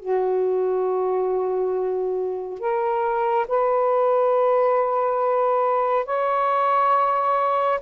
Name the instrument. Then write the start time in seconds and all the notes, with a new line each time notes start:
saxophone
0.00 F#4
2.60 A#4
3.48 B4
6.06 C#5